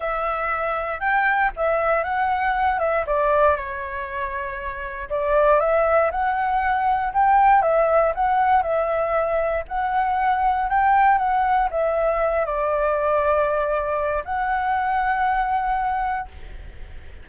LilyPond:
\new Staff \with { instrumentName = "flute" } { \time 4/4 \tempo 4 = 118 e''2 g''4 e''4 | fis''4. e''8 d''4 cis''4~ | cis''2 d''4 e''4 | fis''2 g''4 e''4 |
fis''4 e''2 fis''4~ | fis''4 g''4 fis''4 e''4~ | e''8 d''2.~ d''8 | fis''1 | }